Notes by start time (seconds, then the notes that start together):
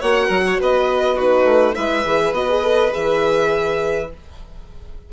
0.00 A#3 F#4 C#5 F#5
0.27 F#3 A#4
0.46 C#5
0.61 B3 B4 D#5
1.16 D#4 F#4 B4
1.44 A3
1.74 G#3 E4 B4 E5
2.05 E3 G#4
2.32 B3 F#4 D#5
2.49 G#4
2.63 A4
2.91 E3 G#4 E5